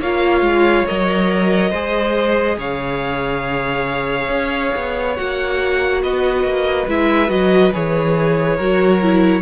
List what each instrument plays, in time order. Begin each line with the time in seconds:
0.00 cello A#3, viola F4, violin C#5 F5
0.41 cello G#3
0.87 cello F#3, viola A#4, violin D#5
1.70 cello G#3, viola G#4, violin C5
2.58 cello C#3, violin C#5 F5
4.29 cello C#4
4.76 cello B3
5.16 cello A#3, viola F#4, violin F#5
6.03 cello B3, violin B4 D#5
6.44 cello A#3
6.87 cello G#3, viola E4, violin E5
7.28 cello F#3, viola F#4, violin D#5
7.74 cello E3, viola G#4, violin C#5
8.56 cello F#3, viola F#4, violin A#4
9.02 viola E4